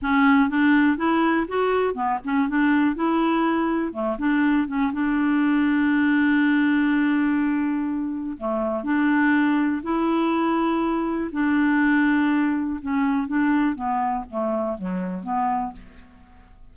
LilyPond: \new Staff \with { instrumentName = "clarinet" } { \time 4/4 \tempo 4 = 122 cis'4 d'4 e'4 fis'4 | b8 cis'8 d'4 e'2 | a8 d'4 cis'8 d'2~ | d'1~ |
d'4 a4 d'2 | e'2. d'4~ | d'2 cis'4 d'4 | b4 a4 fis4 b4 | }